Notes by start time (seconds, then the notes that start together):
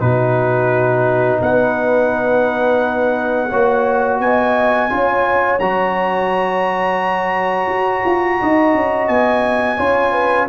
0.00 B2 D#4 F#4 B4
1.42 B3 B4 F#5
3.48 A#3 F#4 C#5
4.19 B3 D#5 G#5
4.89 C#4 F4 C#5
5.59 F#3 F#4 A#5
7.67 F#4
8.05 F4
8.40 D#4 D#5
8.74 C#4
9.08 B3 G#5
9.77 C#4 F4 C#5
10.12 B4